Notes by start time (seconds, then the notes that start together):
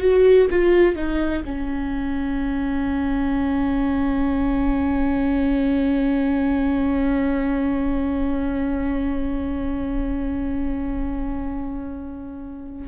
0.00 F#4
0.50 F4
0.96 D#4
1.45 C#4